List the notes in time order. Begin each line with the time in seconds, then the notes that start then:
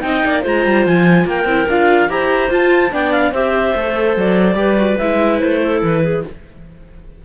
0.00 C4 D#4 D#5 G5
0.25 A#3 D5
0.42 G#3 F4 C5 A#5
0.65 G3
0.86 F3 G#5
1.25 A#3 A#4 G5
1.45 C4 E4
1.68 D4 F4 F5
2.09 E4 G4 C5 A#5
2.49 F4 A5
2.91 B3 D4 D5 G5
3.12 F5
3.32 C4 G4 C5 E5
3.75 A3 A4
4.17 F#3 D5
4.54 G3 G4 B4
4.77 F#4
4.98 G#3 E4 E5
5.39 A3 C5
5.61 A4
5.82 E3 B4
6.03 G#4